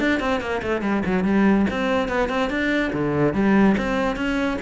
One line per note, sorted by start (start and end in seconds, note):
0.00 0.20 D4
0.20 0.41 C4
0.41 0.62 A#3
0.62 0.82 A3
0.82 1.03 G3
1.06 1.24 F#3
1.24 1.66 G3
1.71 2.09 C4
2.09 2.29 B3
2.29 2.50 C4
2.50 2.92 D4
2.93 3.34 D3
3.34 3.76 G3
3.78 4.16 C4
4.16 4.58 C#4